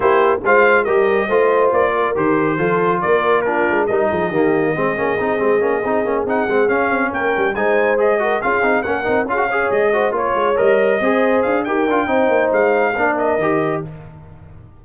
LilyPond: <<
  \new Staff \with { instrumentName = "trumpet" } { \time 4/4 \tempo 4 = 139 c''4 f''4 dis''2 | d''4 c''2 d''4 | ais'4 dis''2.~ | dis''2~ dis''8 fis''4 f''8~ |
f''8 g''4 gis''4 dis''4 f''8~ | f''8 fis''4 f''4 dis''4 cis''8~ | cis''8 dis''2 f''8 g''4~ | g''4 f''4. dis''4. | }
  \new Staff \with { instrumentName = "horn" } { \time 4/4 g'4 c''4 ais'4 c''4~ | c''8 ais'4. a'4 ais'4 | f'4 ais'8 gis'8 g'4 gis'4~ | gis'1~ |
gis'8 ais'4 c''4. ais'8 gis'8~ | gis'8 ais'4 gis'8 cis''4 c''8 cis''8~ | cis''4. c''4. ais'4 | c''2 ais'2 | }
  \new Staff \with { instrumentName = "trombone" } { \time 4/4 e'4 f'4 g'4 f'4~ | f'4 g'4 f'2 | d'4 dis'4 ais4 c'8 cis'8 | dis'8 c'8 cis'8 dis'8 cis'8 dis'8 c'8 cis'8~ |
cis'4. dis'4 gis'8 fis'8 f'8 | dis'8 cis'8 dis'8 f'16 fis'16 gis'4 fis'8 f'8~ | f'8 ais'4 gis'4. g'8 f'8 | dis'2 d'4 g'4 | }
  \new Staff \with { instrumentName = "tuba" } { \time 4/4 ais4 gis4 g4 a4 | ais4 dis4 f4 ais4~ | ais8 gis8 g8 f8 dis4 gis8 ais8 | c'8 gis8 ais8 c'8 ais8 c'8 gis8 cis'8 |
c'8 ais8 g8 gis2 cis'8 | c'8 ais8 c'8 cis'4 gis4 ais8 | gis8 g4 c'4 d'8 dis'8 d'8 | c'8 ais8 gis4 ais4 dis4 | }
>>